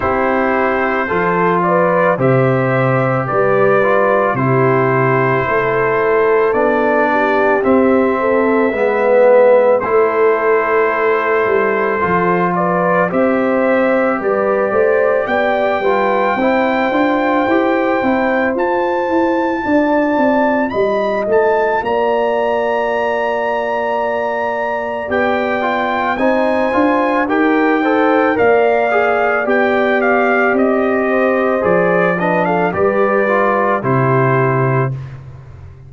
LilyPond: <<
  \new Staff \with { instrumentName = "trumpet" } { \time 4/4 \tempo 4 = 55 c''4. d''8 e''4 d''4 | c''2 d''4 e''4~ | e''4 c''2~ c''8 d''8 | e''4 d''4 g''2~ |
g''4 a''2 b''8 a''8 | ais''2. g''4 | gis''4 g''4 f''4 g''8 f''8 | dis''4 d''8 dis''16 f''16 d''4 c''4 | }
  \new Staff \with { instrumentName = "horn" } { \time 4/4 g'4 a'8 b'8 c''4 b'4 | g'4 a'4. g'4 a'8 | b'4 a'2~ a'8 b'8 | c''4 b'8 c''8 d''8 b'8 c''4~ |
c''2 d''4 dis''4 | d''1 | c''4 ais'8 c''8 d''2~ | d''8 c''4 b'16 a'16 b'4 g'4 | }
  \new Staff \with { instrumentName = "trombone" } { \time 4/4 e'4 f'4 g'4. f'8 | e'2 d'4 c'4 | b4 e'2 f'4 | g'2~ g'8 f'8 e'8 f'8 |
g'8 e'8 f'2.~ | f'2. g'8 f'8 | dis'8 f'8 g'8 a'8 ais'8 gis'8 g'4~ | g'4 gis'8 d'8 g'8 f'8 e'4 | }
  \new Staff \with { instrumentName = "tuba" } { \time 4/4 c'4 f4 c4 g4 | c4 a4 b4 c'4 | gis4 a4. g8 f4 | c'4 g8 a8 b8 g8 c'8 d'8 |
e'8 c'8 f'8 e'8 d'8 c'8 g8 a8 | ais2. b4 | c'8 d'8 dis'4 ais4 b4 | c'4 f4 g4 c4 | }
>>